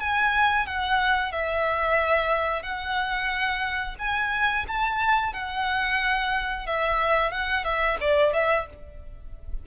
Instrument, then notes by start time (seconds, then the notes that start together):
violin
0.00 G#5
0.67 F#5
1.32 E5
2.62 F#5
3.99 G#5
4.68 A5
5.33 F#5
6.67 E5
7.31 F#5
7.64 E5
8.01 D5
8.33 E5